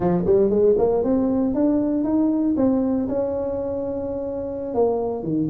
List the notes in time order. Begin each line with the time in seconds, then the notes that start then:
0.00 F3
0.26 G3
0.50 G#3
0.78 A#3
1.03 C4
1.54 D4
2.04 D#4
2.56 C4
3.08 C#4
4.74 A#3
5.23 D#3